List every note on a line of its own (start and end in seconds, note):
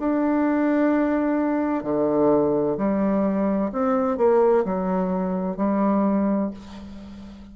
0.00 1.84 D4
1.84 2.77 D3
2.77 3.71 G3
3.72 4.18 C4
4.18 4.64 A#3
4.65 5.57 F#3
5.57 6.51 G3